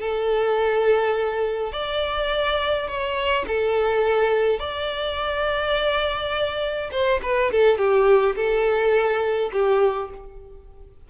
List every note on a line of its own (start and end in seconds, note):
0.00 1.72 A4
1.72 2.87 D5
2.88 3.45 C#5
3.47 4.59 A4
4.59 6.90 D5
6.91 7.20 C5
7.22 7.51 B4
7.51 7.78 A4
7.78 8.35 G4
8.35 9.51 A4
9.52 10.10 G4